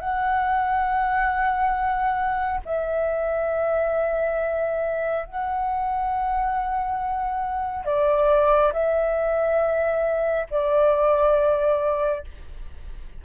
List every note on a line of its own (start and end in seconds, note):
0.00 2.61 F#5
2.65 5.25 E5
5.25 7.85 F#5
7.85 8.72 D5
8.73 10.47 E5
10.50 12.24 D5